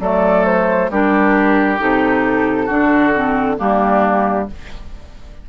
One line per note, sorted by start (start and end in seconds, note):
0.00 0.90 F#3
0.00 0.91 A3
0.00 0.91 A4
0.00 0.46 D5
0.46 0.90 C5
0.90 1.79 G3
0.90 1.78 D4
0.90 2.66 G4
0.90 1.80 A#4
1.78 2.70 C3
1.78 2.68 D#4
1.78 3.59 A4
2.66 3.59 D3
2.66 3.14 D4
2.66 3.56 F#4
3.14 3.57 C4
3.57 4.49 G3
3.57 4.47 A#3
3.57 4.49 D4
3.57 4.49 G4